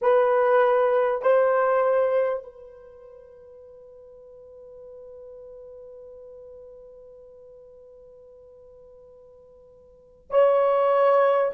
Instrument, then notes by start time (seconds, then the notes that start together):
horn
0.01 B4
1.21 C5
2.43 B4
10.30 C#5